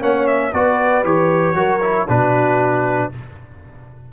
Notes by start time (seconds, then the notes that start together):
0.00 A#3 C#4 C#5 F#5
0.27 E5
0.53 B3 F#4 B4 D5
1.05 E3 G4 C#5
1.55 F#3 F#4 A#4
1.82 E4
2.08 B2 D4 F#4 B4